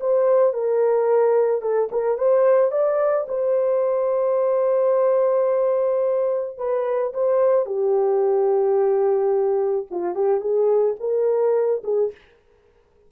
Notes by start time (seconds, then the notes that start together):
0.00 C5
0.53 A#4
1.61 A4
1.91 A#4
2.18 C5
2.71 D5
3.28 C5
6.58 B4
7.13 C5
7.65 G4
9.90 F4
10.15 G4
10.40 G#4
11.00 A#4
11.83 G#4